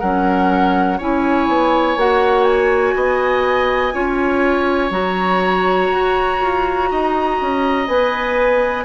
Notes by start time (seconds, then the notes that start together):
0.00 F#3 C#4 A#4 F#5
0.98 C#4 E4 C#5 G#5
1.48 B3
1.97 A#3 F#4 F#5
2.44 G#5
2.95 B3 D#5
3.93 C#4 F4 C#5
4.91 F#3 F#4 A#5
5.92 F#4
6.42 F4
6.91 D#4 D#5
7.41 C#4
7.88 B3 B4 G#5